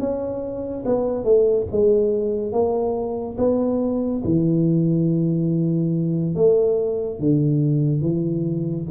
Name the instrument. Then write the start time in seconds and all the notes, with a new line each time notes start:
tuba
0.00 C#4
0.86 B3
1.25 A3
1.72 G#3
2.52 A#3
3.38 B3
4.24 E3
6.35 A3
7.20 D3
8.02 E3